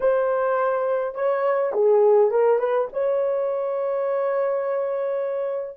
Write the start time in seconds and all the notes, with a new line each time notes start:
0.00 C5
1.14 C#5
1.73 G#4
2.31 A#4
2.58 B4
2.92 C#5